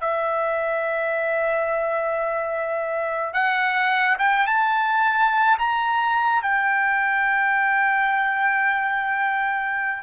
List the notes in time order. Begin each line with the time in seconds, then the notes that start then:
0.00 E5
3.33 F#5
4.18 G5
4.46 A5
5.58 A#5
6.41 G5